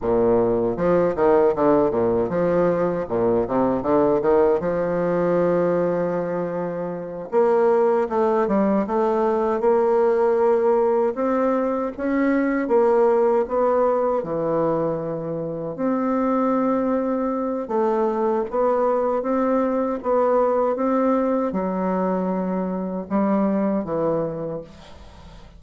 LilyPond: \new Staff \with { instrumentName = "bassoon" } { \time 4/4 \tempo 4 = 78 ais,4 f8 dis8 d8 ais,8 f4 | ais,8 c8 d8 dis8 f2~ | f4. ais4 a8 g8 a8~ | a8 ais2 c'4 cis'8~ |
cis'8 ais4 b4 e4.~ | e8 c'2~ c'8 a4 | b4 c'4 b4 c'4 | fis2 g4 e4 | }